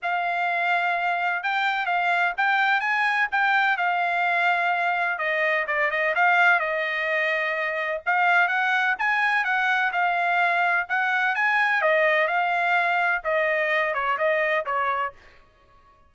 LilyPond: \new Staff \with { instrumentName = "trumpet" } { \time 4/4 \tempo 4 = 127 f''2. g''4 | f''4 g''4 gis''4 g''4 | f''2. dis''4 | d''8 dis''8 f''4 dis''2~ |
dis''4 f''4 fis''4 gis''4 | fis''4 f''2 fis''4 | gis''4 dis''4 f''2 | dis''4. cis''8 dis''4 cis''4 | }